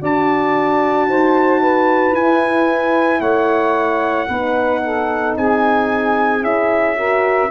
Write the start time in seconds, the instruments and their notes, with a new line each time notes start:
0.00 tuba D4, horn F#4, saxophone D5, trumpet A5
1.08 tuba D#4, saxophone C5
1.60 saxophone B4
2.11 tuba E4, horn E4, trumpet G#5
3.19 tuba A3, saxophone C#5, trumpet F#5
4.27 tuba B3, horn D#4, saxophone B4
4.85 saxophone A4
5.36 tuba C4, saxophone G#4, trumpet G#5
6.41 tuba C#4, horn E4, trumpet E5
6.96 horn F#4, saxophone A#4